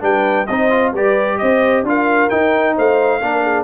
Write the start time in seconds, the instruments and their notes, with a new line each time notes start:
0.00 tuba G3, trombone D4, horn B4, trumpet G5
0.46 tuba C4, trombone D#4, horn C5, trumpet D#5
0.70 trombone F4
0.92 tuba G3, trombone G4, horn B4, trumpet D5
1.38 tuba C4, horn C5, trumpet D#5
1.83 tuba D4, trombone F4, horn A#4, trumpet F5
2.29 trombone D#4, tuba D#4, trumpet G5
2.75 tuba A3, horn C5, trumpet F5
3.21 tuba A#3, trombone D4, horn A#4
3.42 horn G#4